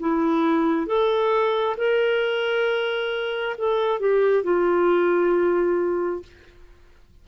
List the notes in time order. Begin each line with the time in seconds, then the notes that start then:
0.00 E4
0.87 A4
1.77 A#4
3.58 A4
4.00 G4
4.44 F4